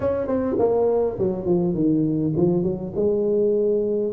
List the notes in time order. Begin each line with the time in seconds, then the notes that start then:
0.00 C#4
0.27 C4
0.59 A#3
1.18 F#3
1.45 F3
1.74 D#3
2.35 F3
2.63 F#3
2.95 G#3